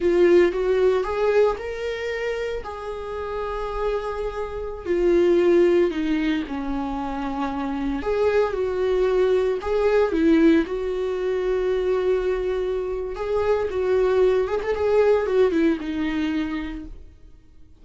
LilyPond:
\new Staff \with { instrumentName = "viola" } { \time 4/4 \tempo 4 = 114 f'4 fis'4 gis'4 ais'4~ | ais'4 gis'2.~ | gis'4~ gis'16 f'2 dis'8.~ | dis'16 cis'2. gis'8.~ |
gis'16 fis'2 gis'4 e'8.~ | e'16 fis'2.~ fis'8.~ | fis'4 gis'4 fis'4. gis'16 a'16 | gis'4 fis'8 e'8 dis'2 | }